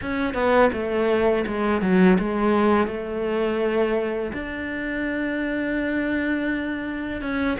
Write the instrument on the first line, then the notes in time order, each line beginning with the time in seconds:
cello
0.01 C#4
0.34 B3
0.73 A3
1.46 G#3
1.81 F#3
2.18 G#3
2.87 A3
4.33 D4
7.21 C#4